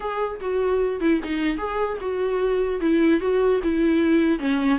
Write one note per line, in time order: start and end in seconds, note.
0.00 0.40 G#4
0.40 1.00 F#4
1.00 1.20 E4
1.23 1.57 D#4
1.57 1.97 G#4
2.01 2.80 F#4
2.80 3.20 E4
3.20 3.60 F#4
3.63 4.39 E4
4.39 4.78 C#4